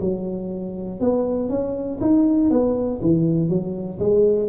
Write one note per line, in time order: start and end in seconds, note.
0.00 1.00 F#3
1.00 1.49 B3
1.49 1.99 C#4
2.00 2.50 D#4
2.50 3.00 B3
3.01 3.49 E3
3.49 3.99 F#3
3.99 4.49 G#3